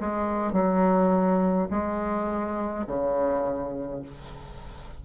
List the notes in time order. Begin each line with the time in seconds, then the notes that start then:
0.00 G#3
0.52 F#3
1.70 G#3
2.87 C#3